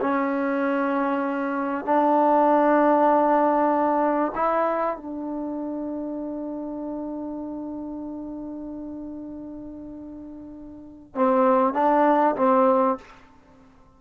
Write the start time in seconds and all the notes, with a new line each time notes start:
0.00 C#4
1.84 D4
4.35 E4
4.96 D4
11.15 C4
11.73 D4
12.35 C4